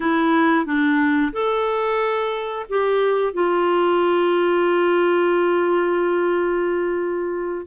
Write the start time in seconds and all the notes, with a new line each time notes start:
0.00 E4
0.65 D4
1.32 A4
2.69 G4
3.33 F4